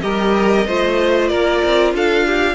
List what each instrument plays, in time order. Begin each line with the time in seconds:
0.00 cello G3, viola G4, violin A#4 D#5
0.67 cello A3, viola F4, violin C5
1.28 cello A#3, violin A#4 D5
1.64 cello C4
1.93 cello D4, violin A4 F5
2.26 violin G4